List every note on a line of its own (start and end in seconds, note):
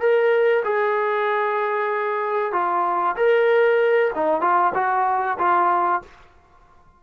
0.00 0.63 A#4
0.64 2.52 G#4
2.52 3.16 F4
3.16 4.11 A#4
4.15 4.41 D#4
4.41 4.73 F4
4.75 5.38 F#4
5.38 6.01 F4